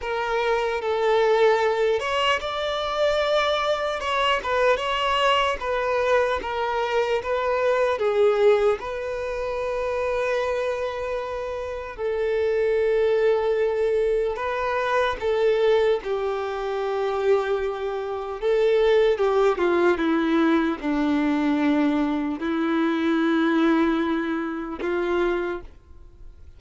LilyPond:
\new Staff \with { instrumentName = "violin" } { \time 4/4 \tempo 4 = 75 ais'4 a'4. cis''8 d''4~ | d''4 cis''8 b'8 cis''4 b'4 | ais'4 b'4 gis'4 b'4~ | b'2. a'4~ |
a'2 b'4 a'4 | g'2. a'4 | g'8 f'8 e'4 d'2 | e'2. f'4 | }